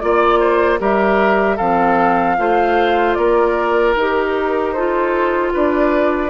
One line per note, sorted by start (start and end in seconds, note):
0.00 0.80 A#3
0.00 0.79 F4
0.00 0.79 D5
0.00 0.40 D5
0.40 0.79 C5
0.79 1.59 G3
0.79 1.58 G4
0.79 1.57 A#4
0.79 1.57 E5
1.57 2.38 F3
1.57 2.38 C4
1.57 2.36 A4
1.57 3.14 F5
2.38 3.17 A3
2.38 3.96 F4
2.38 3.18 C5
3.14 3.95 A#3
3.14 4.74 A#4
3.14 3.93 D5
3.95 5.53 D#4
3.95 4.77 G4
3.95 4.73 A#4
4.73 6.30 F4
4.73 5.53 A4
4.73 5.52 C5
5.53 6.30 D4
5.53 6.30 B4
5.53 6.30 D5